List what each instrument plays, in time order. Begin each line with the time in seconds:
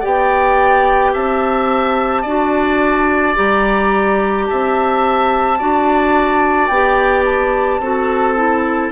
0.00 bassoon B3, clarinet G4, oboe D5, flute G5
1.13 bassoon C4, oboe E5, flute A5
2.22 bassoon D4, clarinet F#4, oboe D5
3.34 bassoon G3, clarinet G4, flute A#5
4.45 bassoon C4, oboe E5, flute A5
5.58 bassoon D4, clarinet F#4, oboe D5
6.67 bassoon B3, clarinet G4, flute G5
7.25 flute A5
7.79 bassoon C4, clarinet F#4, oboe A4
8.35 clarinet E4